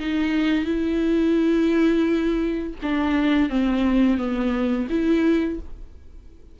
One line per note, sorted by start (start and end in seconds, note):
0.00 0.65 D#4
0.65 2.75 E4
2.83 3.50 D4
3.50 4.18 C4
4.18 4.88 B3
4.90 5.60 E4